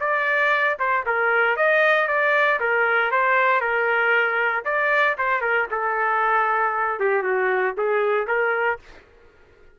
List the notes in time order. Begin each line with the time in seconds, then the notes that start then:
0.00 D5
0.79 C5
1.06 A#4
1.56 D#5
2.07 D5
2.60 A#4
3.11 C5
3.60 A#4
4.65 D5
5.17 C5
5.41 A#4
5.70 A4
6.99 G4
7.22 F#4
7.77 G#4
8.27 A#4